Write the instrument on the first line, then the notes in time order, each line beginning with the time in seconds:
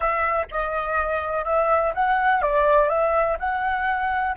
flute
0.00 E5
0.50 D#5
1.44 E5
1.94 F#5
2.42 D5
2.89 E5
3.39 F#5